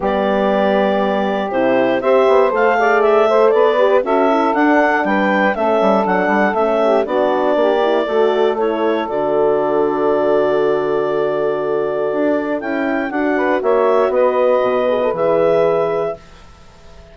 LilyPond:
<<
  \new Staff \with { instrumentName = "clarinet" } { \time 4/4 \tempo 4 = 119 d''2. c''4 | e''4 f''4 e''4 d''4 | e''4 fis''4 g''4 e''4 | fis''4 e''4 d''2~ |
d''4 cis''4 d''2~ | d''1~ | d''4 g''4 fis''4 e''4 | dis''2 e''2 | }
  \new Staff \with { instrumentName = "saxophone" } { \time 4/4 g'1 | c''4. d''4 c''8 b'4 | a'2 b'4 a'4~ | a'4. g'8 fis'4 g'4 |
a'1~ | a'1~ | a'2~ a'8 b'8 cis''4 | b'1 | }
  \new Staff \with { instrumentName = "horn" } { \time 4/4 b2. e'4 | g'4 a'8 gis'4 a'4 g'8 | fis'8 e'8 d'2 cis'4 | d'4 cis'4 d'4. e'8 |
fis'4 e'4 fis'2~ | fis'1~ | fis'4 e'4 fis'2~ | fis'4. gis'16 a'16 gis'2 | }
  \new Staff \with { instrumentName = "bassoon" } { \time 4/4 g2. c4 | c'8 b8 a2 b4 | cis'4 d'4 g4 a8 g8 | fis8 g8 a4 b4 ais4 |
a2 d2~ | d1 | d'4 cis'4 d'4 ais4 | b4 b,4 e2 | }
>>